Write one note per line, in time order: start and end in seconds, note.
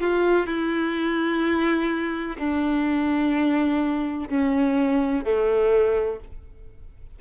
0.00 0.47 F4
0.47 2.37 E4
2.38 4.29 D4
4.29 5.24 C#4
5.24 6.19 A3